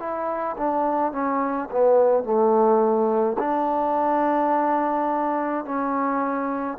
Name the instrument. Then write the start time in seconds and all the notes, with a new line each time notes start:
trombone
0.00 E4
0.58 D4
1.13 C#4
1.72 B3
2.24 A3
3.39 D4
5.66 C#4